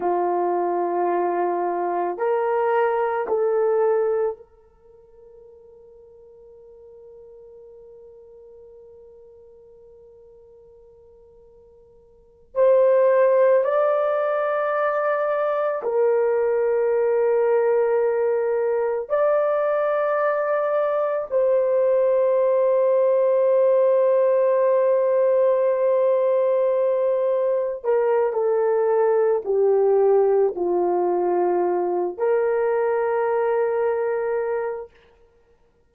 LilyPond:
\new Staff \with { instrumentName = "horn" } { \time 4/4 \tempo 4 = 55 f'2 ais'4 a'4 | ais'1~ | ais'2.~ ais'8 c''8~ | c''8 d''2 ais'4.~ |
ais'4. d''2 c''8~ | c''1~ | c''4. ais'8 a'4 g'4 | f'4. ais'2~ ais'8 | }